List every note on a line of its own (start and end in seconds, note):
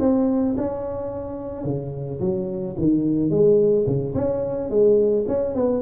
0.00 0.56 C4
0.57 1.64 C#4
1.64 2.20 C#3
2.20 2.76 F#3
2.78 3.31 D#3
3.31 3.86 G#3
3.87 4.15 C#3
4.15 4.70 C#4
4.70 5.26 G#3
5.28 5.55 C#4
5.55 5.82 B3